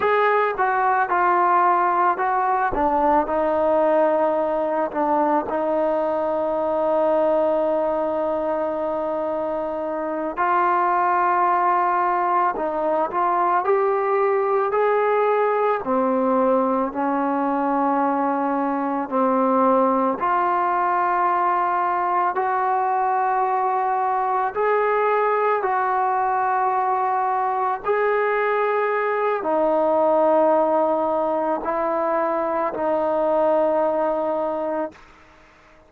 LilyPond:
\new Staff \with { instrumentName = "trombone" } { \time 4/4 \tempo 4 = 55 gis'8 fis'8 f'4 fis'8 d'8 dis'4~ | dis'8 d'8 dis'2.~ | dis'4. f'2 dis'8 | f'8 g'4 gis'4 c'4 cis'8~ |
cis'4. c'4 f'4.~ | f'8 fis'2 gis'4 fis'8~ | fis'4. gis'4. dis'4~ | dis'4 e'4 dis'2 | }